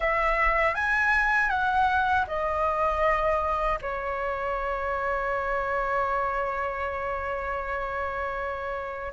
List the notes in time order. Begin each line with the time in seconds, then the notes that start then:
0.00 E5
0.74 G#5
1.49 F#5
2.27 D#5
3.81 C#5